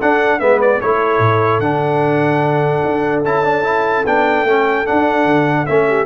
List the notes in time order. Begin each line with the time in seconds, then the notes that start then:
0.00 D4 A4 F#5
0.40 G#3 B3 B4 E5
0.62 D5
0.80 A3 E4 A4 C#5
1.19 A2
1.59 D3 D4 F#5
2.86 D4
3.24 C#4 E4 A5
3.44 D4
3.64 E4
4.06 B3 D4 G5
4.43 A3 C#4
4.86 D4 F#5
5.25 D3
5.66 A3 C#4 E5
5.88 G4